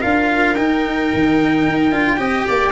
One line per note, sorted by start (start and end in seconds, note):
0.00 0.57 D4
0.00 0.55 F4
0.00 2.16 A#4
0.00 0.55 F5
0.55 1.11 D#4
0.55 1.91 D#4
0.55 2.71 G5
1.13 1.66 D#3
1.66 1.91 D#4
1.91 2.18 D4
1.91 2.17 F4
2.17 2.45 C4
2.17 2.71 G4
2.17 2.46 D#5
2.47 2.72 A#3
2.47 2.72 D5